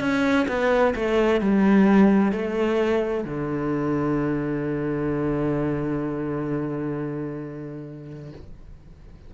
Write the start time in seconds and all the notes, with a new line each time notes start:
0.00 C#4
0.48 B3
0.95 A3
1.41 G3
2.32 A3
3.24 D3